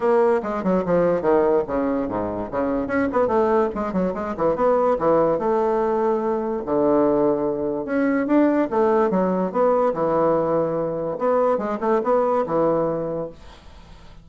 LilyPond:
\new Staff \with { instrumentName = "bassoon" } { \time 4/4 \tempo 4 = 145 ais4 gis8 fis8 f4 dis4 | cis4 gis,4 cis4 cis'8 b8 | a4 gis8 fis8 gis8 e8 b4 | e4 a2. |
d2. cis'4 | d'4 a4 fis4 b4 | e2. b4 | gis8 a8 b4 e2 | }